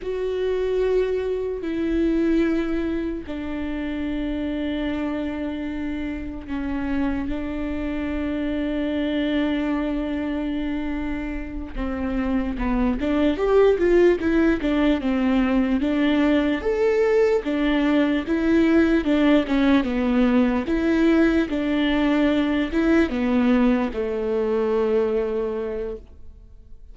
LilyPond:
\new Staff \with { instrumentName = "viola" } { \time 4/4 \tempo 4 = 74 fis'2 e'2 | d'1 | cis'4 d'2.~ | d'2~ d'8 c'4 b8 |
d'8 g'8 f'8 e'8 d'8 c'4 d'8~ | d'8 a'4 d'4 e'4 d'8 | cis'8 b4 e'4 d'4. | e'8 b4 a2~ a8 | }